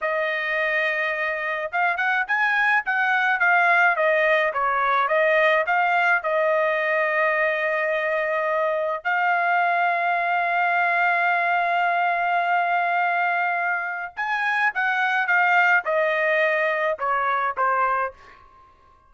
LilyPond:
\new Staff \with { instrumentName = "trumpet" } { \time 4/4 \tempo 4 = 106 dis''2. f''8 fis''8 | gis''4 fis''4 f''4 dis''4 | cis''4 dis''4 f''4 dis''4~ | dis''1 |
f''1~ | f''1~ | f''4 gis''4 fis''4 f''4 | dis''2 cis''4 c''4 | }